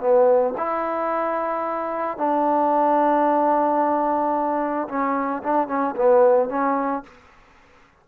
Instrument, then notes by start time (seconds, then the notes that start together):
trombone
0.00 B3
0.57 E4
2.18 D4
4.88 C#4
5.43 D4
5.68 C#4
5.96 B3
6.49 C#4